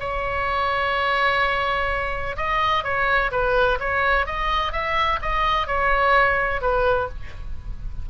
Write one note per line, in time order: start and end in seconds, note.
0.00 2.36 C#5
2.37 2.84 D#5
2.84 3.31 C#5
3.31 3.79 B4
3.80 4.26 C#5
4.26 4.72 D#5
4.72 5.20 E5
5.22 5.67 D#5
5.67 6.61 C#5
6.61 7.09 B4